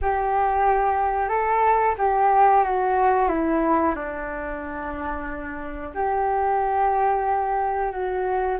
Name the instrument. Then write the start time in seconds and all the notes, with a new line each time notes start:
flute
0.01 G4
1.28 A4
1.98 G4
2.63 F#4
3.28 E4
3.95 D4
5.94 G4
7.92 F#4